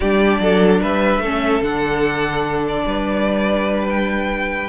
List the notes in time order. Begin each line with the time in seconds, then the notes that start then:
0.00 G3 D4 G4 D5
0.39 F#3 A4
0.81 G3 B4 E5
1.18 A3 C#4 A4
1.61 D3 D4 F#5
2.68 D5
2.86 G3 B4
3.88 G5